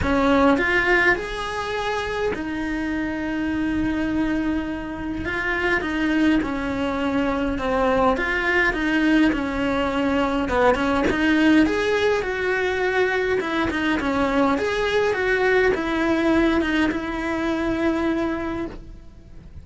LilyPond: \new Staff \with { instrumentName = "cello" } { \time 4/4 \tempo 4 = 103 cis'4 f'4 gis'2 | dis'1~ | dis'4 f'4 dis'4 cis'4~ | cis'4 c'4 f'4 dis'4 |
cis'2 b8 cis'8 dis'4 | gis'4 fis'2 e'8 dis'8 | cis'4 gis'4 fis'4 e'4~ | e'8 dis'8 e'2. | }